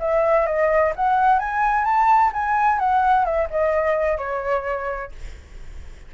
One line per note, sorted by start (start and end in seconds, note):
0.00 0.46 E5
0.46 0.93 D#5
0.96 1.39 F#5
1.39 1.85 G#5
1.85 2.32 A5
2.34 2.79 G#5
2.79 3.25 F#5
3.25 3.49 E5
3.50 4.18 D#5
4.18 5.12 C#5